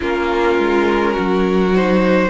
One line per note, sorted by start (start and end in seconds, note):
0.00 0.58 A#3
0.00 1.74 C#4
0.00 1.12 F4
0.00 1.75 A#4
0.58 1.16 G#3
1.12 2.29 F#3
1.12 2.28 F#4
1.75 2.29 D#4
1.75 2.29 C5